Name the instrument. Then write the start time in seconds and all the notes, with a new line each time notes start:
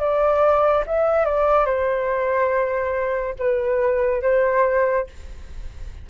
flute
0.00 D5
0.87 E5
1.26 D5
1.66 C5
3.39 B4
4.23 C5